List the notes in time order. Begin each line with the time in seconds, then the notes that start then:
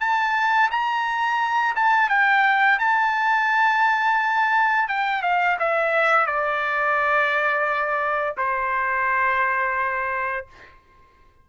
0.00 A5
0.70 A#5
1.75 A5
2.09 G5
2.79 A5
4.88 G5
5.22 F5
5.59 E5
6.26 D5
8.37 C5